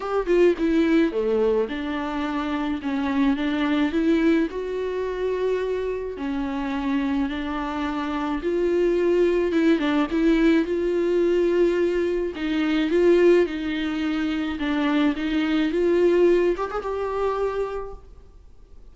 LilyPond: \new Staff \with { instrumentName = "viola" } { \time 4/4 \tempo 4 = 107 g'8 f'8 e'4 a4 d'4~ | d'4 cis'4 d'4 e'4 | fis'2. cis'4~ | cis'4 d'2 f'4~ |
f'4 e'8 d'8 e'4 f'4~ | f'2 dis'4 f'4 | dis'2 d'4 dis'4 | f'4. g'16 gis'16 g'2 | }